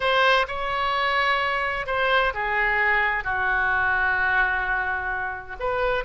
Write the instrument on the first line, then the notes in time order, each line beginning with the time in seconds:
oboe
0.00 C5
0.47 C#5
1.86 C5
2.34 G#4
3.23 F#4
5.59 B4